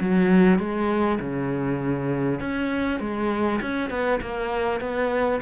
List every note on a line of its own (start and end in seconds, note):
0.00 0.58 F#3
0.58 1.18 G#3
1.20 2.39 C#3
2.39 2.99 C#4
2.99 3.59 G#3
3.61 3.90 C#4
3.90 4.20 B3
4.21 4.80 A#3
4.80 5.40 B3